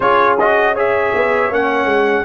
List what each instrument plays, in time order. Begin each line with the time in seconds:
0.00 tuba C#4, trombone F4, horn G#4, trumpet C#5
0.39 trombone F#4, trumpet D#5
0.73 trombone G#4, horn C#5, trumpet E5
1.14 tuba B3
1.50 tuba A#3, trombone C#4, trumpet F#5
1.85 tuba G#3